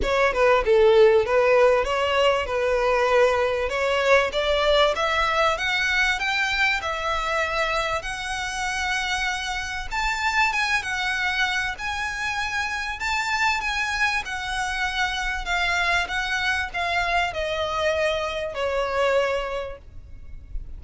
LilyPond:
\new Staff \with { instrumentName = "violin" } { \time 4/4 \tempo 4 = 97 cis''8 b'8 a'4 b'4 cis''4 | b'2 cis''4 d''4 | e''4 fis''4 g''4 e''4~ | e''4 fis''2. |
a''4 gis''8 fis''4. gis''4~ | gis''4 a''4 gis''4 fis''4~ | fis''4 f''4 fis''4 f''4 | dis''2 cis''2 | }